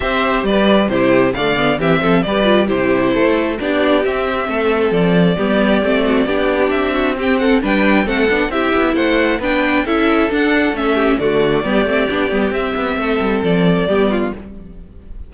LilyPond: <<
  \new Staff \with { instrumentName = "violin" } { \time 4/4 \tempo 4 = 134 e''4 d''4 c''4 f''4 | e''4 d''4 c''2 | d''4 e''2 d''4~ | d''2. e''4 |
g''8 fis''8 g''4 fis''4 e''4 | fis''4 g''4 e''4 fis''4 | e''4 d''2. | e''2 d''2 | }
  \new Staff \with { instrumentName = "violin" } { \time 4/4 c''4 b'4 g'4 d''4 | g'8 a'8 b'4 g'4 a'4 | g'2 a'2 | g'4. fis'8 g'4. fis'8 |
g'8 a'8 b'4 a'4 g'4 | c''4 b'4 a'2~ | a'8 g'8 fis'4 g'2~ | g'4 a'2 g'8 f'8 | }
  \new Staff \with { instrumentName = "viola" } { \time 4/4 g'2 e'4 a8 b8 | c'4 g'8 f'8 e'2 | d'4 c'2. | b4 c'4 d'2 |
c'4 d'4 c'8 d'8 e'4~ | e'4 d'4 e'4 d'4 | cis'4 a4 b8 c'8 d'8 b8 | c'2. b4 | }
  \new Staff \with { instrumentName = "cello" } { \time 4/4 c'4 g4 c4 d4 | e8 f8 g4 c4 a4 | b4 c'4 a4 f4 | g4 a4 b4 c'4~ |
c'4 g4 a8 b8 c'8 b8 | a4 b4 cis'4 d'4 | a4 d4 g8 a8 b8 g8 | c'8 b8 a8 g8 f4 g4 | }
>>